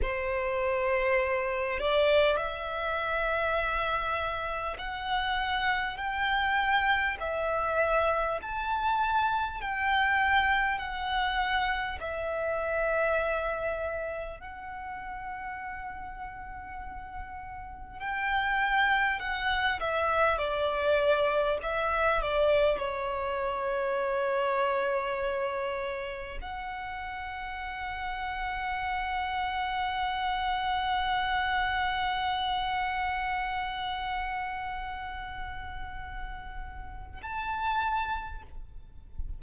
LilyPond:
\new Staff \with { instrumentName = "violin" } { \time 4/4 \tempo 4 = 50 c''4. d''8 e''2 | fis''4 g''4 e''4 a''4 | g''4 fis''4 e''2 | fis''2. g''4 |
fis''8 e''8 d''4 e''8 d''8 cis''4~ | cis''2 fis''2~ | fis''1~ | fis''2. a''4 | }